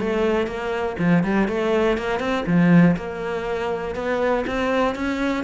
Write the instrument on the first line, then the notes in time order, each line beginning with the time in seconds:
cello
0.00 A3
0.47 A#3
0.99 F3
1.24 G3
1.48 A3
1.98 A#3
2.20 C4
2.47 F3
2.97 A#3
3.96 B3
4.47 C4
4.96 C#4